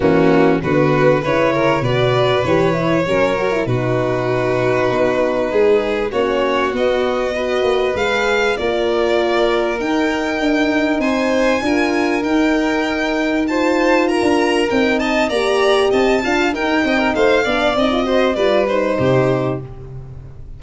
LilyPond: <<
  \new Staff \with { instrumentName = "violin" } { \time 4/4 \tempo 4 = 98 fis'4 b'4 cis''4 d''4 | cis''2 b'2~ | b'2 cis''4 dis''4~ | dis''4 f''4 d''2 |
g''2 gis''2 | g''2 a''4 ais''4 | g''8 a''8 ais''4 a''4 g''4 | f''4 dis''4 d''8 c''4. | }
  \new Staff \with { instrumentName = "violin" } { \time 4/4 cis'4 fis'4 b'8 ais'8 b'4~ | b'4 ais'4 fis'2~ | fis'4 gis'4 fis'2 | b'2 ais'2~ |
ais'2 c''4 ais'4~ | ais'2 c''4 ais'4~ | ais'8 dis''8 d''4 dis''8 f''8 ais'8 dis''16 ais'16 | c''8 d''4 c''8 b'4 g'4 | }
  \new Staff \with { instrumentName = "horn" } { \time 4/4 ais4 b4 e'4 fis'4 | g'8 e'8 cis'8 fis'16 e'16 dis'2~ | dis'2 cis'4 b4 | fis'4 gis'4 f'2 |
dis'2. f'4 | dis'2 f'2 | dis'4 g'4. f'8 dis'4~ | dis'8 d'8 dis'16 f'16 fis'8 f'8 dis'4. | }
  \new Staff \with { instrumentName = "tuba" } { \time 4/4 e4 d4 cis4 b,4 | e4 fis4 b,2 | b4 gis4 ais4 b4~ | b8 ais8 gis4 ais2 |
dis'4 d'4 c'4 d'4 | dis'2.~ dis'16 d'8. | c'4 ais4 c'8 d'8 dis'8 c'8 | a8 b8 c'4 g4 c4 | }
>>